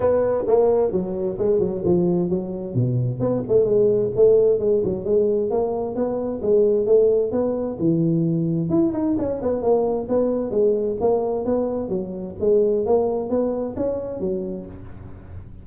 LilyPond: \new Staff \with { instrumentName = "tuba" } { \time 4/4 \tempo 4 = 131 b4 ais4 fis4 gis8 fis8 | f4 fis4 b,4 b8 a8 | gis4 a4 gis8 fis8 gis4 | ais4 b4 gis4 a4 |
b4 e2 e'8 dis'8 | cis'8 b8 ais4 b4 gis4 | ais4 b4 fis4 gis4 | ais4 b4 cis'4 fis4 | }